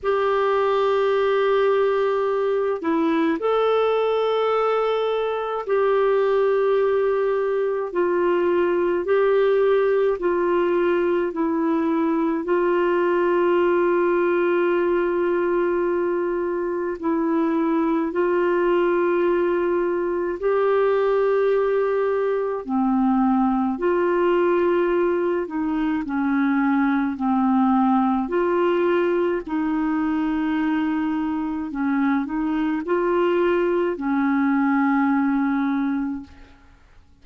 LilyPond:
\new Staff \with { instrumentName = "clarinet" } { \time 4/4 \tempo 4 = 53 g'2~ g'8 e'8 a'4~ | a'4 g'2 f'4 | g'4 f'4 e'4 f'4~ | f'2. e'4 |
f'2 g'2 | c'4 f'4. dis'8 cis'4 | c'4 f'4 dis'2 | cis'8 dis'8 f'4 cis'2 | }